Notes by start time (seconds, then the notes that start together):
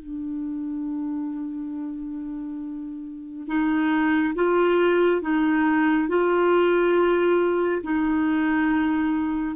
0.00 D4
3.48 D#4
4.35 F4
5.22 D#4
6.09 F4
7.83 D#4